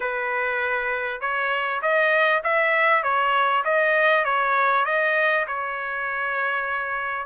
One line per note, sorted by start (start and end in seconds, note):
0.00 1.20 B4
1.20 1.81 C#5
1.82 2.42 D#5
2.43 3.03 E5
3.03 3.63 C#5
3.64 4.24 D#5
4.24 4.85 C#5
4.85 5.45 D#5
5.47 7.26 C#5